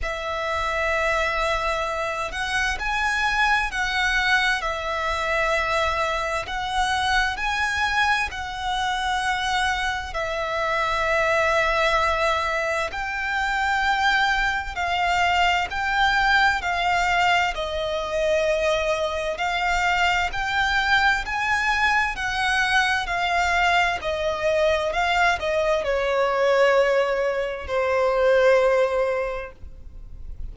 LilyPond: \new Staff \with { instrumentName = "violin" } { \time 4/4 \tempo 4 = 65 e''2~ e''8 fis''8 gis''4 | fis''4 e''2 fis''4 | gis''4 fis''2 e''4~ | e''2 g''2 |
f''4 g''4 f''4 dis''4~ | dis''4 f''4 g''4 gis''4 | fis''4 f''4 dis''4 f''8 dis''8 | cis''2 c''2 | }